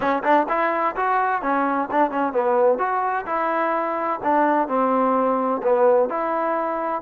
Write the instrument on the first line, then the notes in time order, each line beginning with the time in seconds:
trombone
0.00 C#4
0.23 D4
0.48 E4
0.96 F#4
1.41 C#4
1.91 D4
2.11 C#4
2.32 B3
2.78 F#4
3.26 E4
4.23 D4
4.67 C4
5.62 B3
6.09 E4